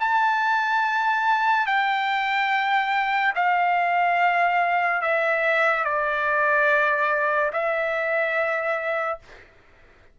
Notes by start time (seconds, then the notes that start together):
0.00 A5
1.67 G5
3.35 F5
5.02 E5
5.84 D5
7.53 E5